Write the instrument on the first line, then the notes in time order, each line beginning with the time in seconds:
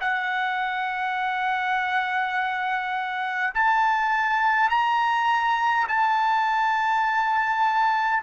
trumpet
0.00 F#5
3.54 A5
4.69 A#5
5.88 A5